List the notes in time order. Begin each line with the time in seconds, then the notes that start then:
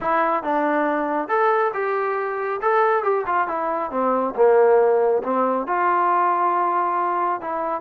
0.00 E4
0.43 D4
1.28 A4
1.73 G4
2.61 A4
3.03 G4
3.26 F4
3.47 E4
3.91 C4
4.35 A#3
5.23 C4
5.66 F4
7.41 E4